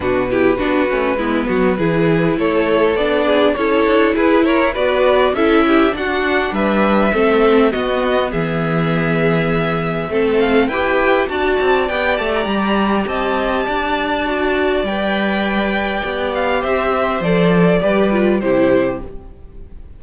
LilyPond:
<<
  \new Staff \with { instrumentName = "violin" } { \time 4/4 \tempo 4 = 101 b'1 | cis''4 d''4 cis''4 b'8 cis''8 | d''4 e''4 fis''4 e''4~ | e''4 dis''4 e''2~ |
e''4. f''8 g''4 a''4 | g''8 a''16 ais''4~ ais''16 a''2~ | a''4 g''2~ g''8 f''8 | e''4 d''2 c''4 | }
  \new Staff \with { instrumentName = "violin" } { \time 4/4 fis'8 g'8 fis'4 e'8 fis'8 gis'4 | a'4. gis'8 a'4 gis'8 ais'8 | b'4 a'8 g'8 fis'4 b'4 | a'4 fis'4 gis'2~ |
gis'4 a'4 b'4 d''4~ | d''2 dis''4 d''4~ | d''1 | c''2 b'4 g'4 | }
  \new Staff \with { instrumentName = "viola" } { \time 4/4 d'8 e'8 d'8 cis'8 b4 e'4~ | e'4 d'4 e'2 | fis'4 e'4 d'2 | c'4 b2.~ |
b4 c'4 g'4 fis'4 | g'1 | fis'4 b'2 g'4~ | g'4 a'4 g'8 f'8 e'4 | }
  \new Staff \with { instrumentName = "cello" } { \time 4/4 b,4 b8 a8 gis8 fis8 e4 | a4 b4 cis'8 d'8 e'4 | b4 cis'4 d'4 g4 | a4 b4 e2~ |
e4 a4 e'4 d'8 c'8 | b8 a8 g4 c'4 d'4~ | d'4 g2 b4 | c'4 f4 g4 c4 | }
>>